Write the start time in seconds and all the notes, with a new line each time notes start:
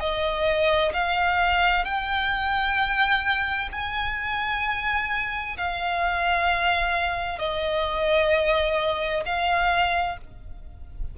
0.00 D#5
0.93 F5
1.85 G5
3.72 G#5
5.57 F5
7.39 D#5
9.26 F5